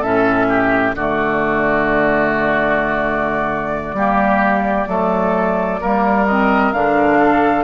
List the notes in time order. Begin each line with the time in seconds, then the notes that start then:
0.00 A2 C#4 A4 E5
0.49 G4
0.96 D3 A3 F#4 D5
3.94 G3 A#3 G4
4.88 F#3 A3 A4
5.80 G3 A#3 A#4
6.27 C4 D#5
6.73 D3 D4 F5
7.19 A4